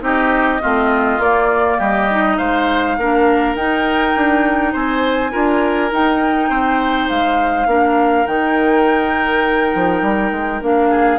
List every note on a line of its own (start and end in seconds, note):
0.00 0.60 C4
0.00 0.59 D#4
0.00 0.62 G4
0.00 1.21 D#5
0.61 1.19 A3
0.61 1.20 C4
0.61 1.78 F4
1.19 1.77 A#3
1.19 2.10 A#3
1.19 1.80 D5
1.78 2.38 G3
1.78 2.36 G4
1.78 2.37 D#5
2.10 2.98 D#4
2.37 2.97 G#3
2.37 2.96 C5
2.37 3.55 F5
2.97 3.55 A#3
2.97 3.57 D4
2.97 4.73 A#4
3.55 4.13 D#4
3.55 5.31 D#4
3.55 4.73 G5
4.16 4.74 D4
4.73 5.33 C4
4.73 5.31 C5
4.73 5.92 G#5
5.31 5.92 D4
5.31 5.90 F4
5.31 6.49 A#4
5.91 7.67 D#4
5.91 6.49 D#4
5.91 7.09 G5
6.49 7.08 C4
6.49 7.67 C5
7.09 7.66 G#3
7.09 8.26 F5
7.66 8.25 A#3
7.66 8.26 D4
7.66 10.90 A#4
8.26 9.73 D#3
8.26 10.61 D#4
8.26 10.62 G5
9.75 10.02 F3
10.02 10.31 G3
10.31 10.61 G#3
10.61 11.19 A#3
10.61 11.19 D4
10.61 11.19 F5
10.90 11.19 G#4